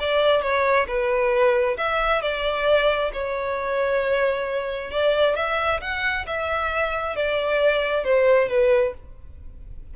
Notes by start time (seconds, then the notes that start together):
0.00 D5
0.42 C#5
0.88 B4
1.78 E5
2.22 D5
3.13 C#5
4.91 D5
5.36 E5
5.81 F#5
6.27 E5
7.16 D5
8.05 C5
8.49 B4